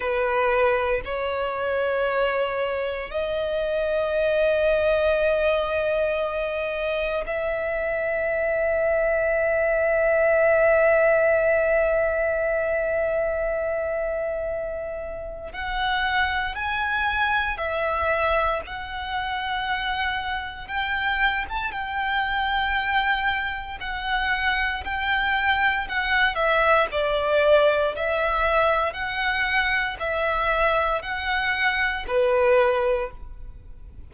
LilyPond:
\new Staff \with { instrumentName = "violin" } { \time 4/4 \tempo 4 = 58 b'4 cis''2 dis''4~ | dis''2. e''4~ | e''1~ | e''2. fis''4 |
gis''4 e''4 fis''2 | g''8. a''16 g''2 fis''4 | g''4 fis''8 e''8 d''4 e''4 | fis''4 e''4 fis''4 b'4 | }